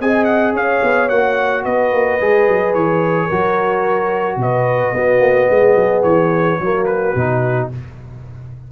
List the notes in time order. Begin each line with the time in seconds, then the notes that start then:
0.00 C4 G#4 D#5 G#5
0.24 F#5
0.53 C#4 C#5 F5
0.83 B3
1.08 A#3 F#4 F#5
1.63 B3 B4 D#5
1.92 A#3
2.20 G#3 G#4
2.48 F#3
2.74 E3 C#5
3.25 F#3 F#4 A#4
4.36 B2 B4 D#5
4.93 B3 F#4
5.19 A#3
5.48 G#3 G#4
5.75 F#3
6.03 E3 C#5
6.59 F#3 A#3 F#4
6.85 B4
7.15 B2 D#4